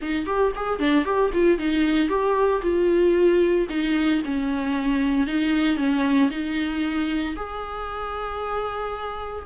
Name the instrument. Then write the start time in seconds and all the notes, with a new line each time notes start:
viola
0.01 D#4
0.25 G4
0.55 G#4
0.79 D4
1.04 G4
1.33 F4
1.58 D#4
2.08 G4
2.62 F4
3.69 D#4
4.25 C#4
5.26 D#4
5.76 C#4
6.30 D#4
7.35 G#4